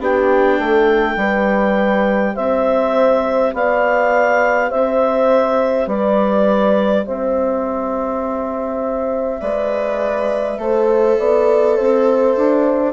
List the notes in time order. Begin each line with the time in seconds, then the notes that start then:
0.00 B3 D4 G4 G5
0.59 A3 A4
1.16 G3 G4 B4
2.34 C4 C5 E5
3.54 B3 D5 F5
4.70 C4 C5 E5
5.87 G3 B4 D5
7.05 C4 C5 E5
9.41 G#3 B4 D5
10.58 A3 A4 C5
11.19 B3 D5
11.76 C4 C5
12.37 D4